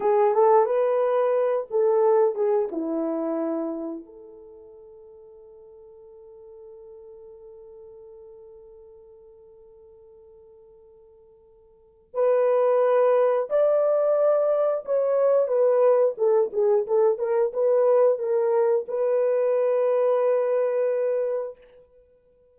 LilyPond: \new Staff \with { instrumentName = "horn" } { \time 4/4 \tempo 4 = 89 gis'8 a'8 b'4. a'4 gis'8 | e'2 a'2~ | a'1~ | a'1~ |
a'2 b'2 | d''2 cis''4 b'4 | a'8 gis'8 a'8 ais'8 b'4 ais'4 | b'1 | }